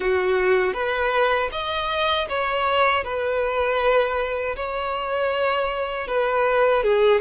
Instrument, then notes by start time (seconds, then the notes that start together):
violin
0.00 F#4
0.73 B4
1.52 D#5
2.29 C#5
3.03 B4
4.56 C#5
6.07 B4
6.83 G#4